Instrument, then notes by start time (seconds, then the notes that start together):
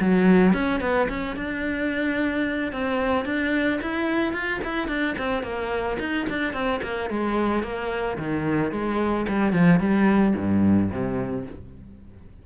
cello
0.00 F#3
0.53 C#4
0.81 B3
1.09 C#4
1.36 D4
2.72 C4
3.25 D4
3.81 E4
4.33 F4
4.64 E4
4.88 D4
5.18 C4
5.43 A#3
5.99 D#4
6.29 D4
6.53 C4
6.82 A#3
7.10 G#3
7.63 A#3
8.17 D#3
8.72 G#3
9.28 G3
9.53 F3
9.80 G3
10.36 G2
10.91 C3